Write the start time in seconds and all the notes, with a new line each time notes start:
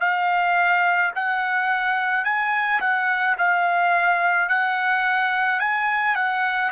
0.00 F5
1.15 F#5
2.24 G#5
2.80 F#5
3.38 F5
4.48 F#5
5.60 G#5
6.15 F#5